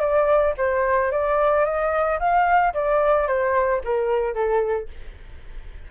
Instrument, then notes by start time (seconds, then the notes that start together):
flute
0.00 D5
0.57 C5
1.11 D5
1.65 D#5
2.20 F5
2.74 D5
3.28 C5
3.85 A#4
4.34 A4